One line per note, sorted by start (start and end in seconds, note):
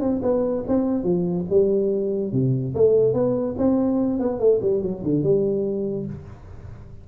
0.00 0.21 C4
0.22 0.64 B3
0.67 1.03 C4
1.03 1.45 F3
1.49 2.32 G3
2.32 2.74 C3
2.74 3.13 A3
3.13 3.55 B3
3.58 4.19 C4
4.19 4.39 B3
4.39 4.60 A3
4.62 4.82 G3
4.82 5.03 F#3
5.03 5.23 D3
5.23 6.06 G3